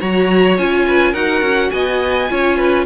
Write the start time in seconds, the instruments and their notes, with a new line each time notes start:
0.00 cello F#3, viola F#4, violin C#5 A#5
0.57 cello C#4, viola F4, violin G#5
0.87 violin B4
1.12 cello D#4, viola F#4, violin A#4 F#5
1.41 cello C#4
1.71 cello B3, violin D#5 G#5
2.29 cello C#4, viola F4, violin C#5
2.57 violin B4